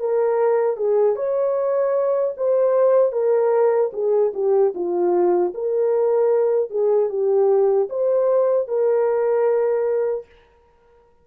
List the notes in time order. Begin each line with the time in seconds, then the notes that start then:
0.00 A#4
0.77 G#4
1.16 C#5
2.37 C5
3.12 A#4
3.93 G#4
4.34 G4
4.75 F4
5.54 A#4
6.71 G#4
7.10 G4
7.89 C5
8.68 A#4